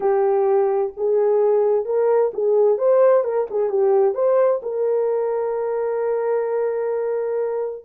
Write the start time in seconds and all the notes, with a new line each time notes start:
0.00 G4
0.96 G#4
1.85 A#4
2.33 G#4
2.78 C5
3.23 A#4
3.50 G#4
3.69 G4
4.14 C5
4.62 A#4